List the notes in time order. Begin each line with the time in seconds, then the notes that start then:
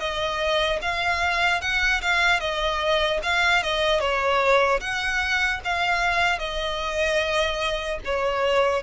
0.00 D#5
0.82 F5
1.62 F#5
2.02 F5
2.40 D#5
3.23 F5
3.63 D#5
4.01 C#5
4.81 F#5
5.65 F5
6.39 D#5
8.05 C#5